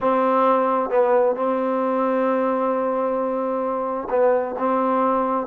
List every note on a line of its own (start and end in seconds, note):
0.00 0.90 C4
0.90 1.35 B3
1.35 4.08 C4
4.10 4.55 B3
4.58 5.46 C4